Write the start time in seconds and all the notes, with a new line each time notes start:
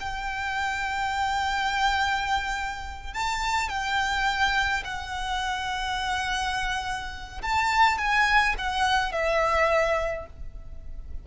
0.00 G5
3.14 A5
3.69 G5
4.84 F#5
7.42 A5
7.98 G#5
8.58 F#5
9.12 E5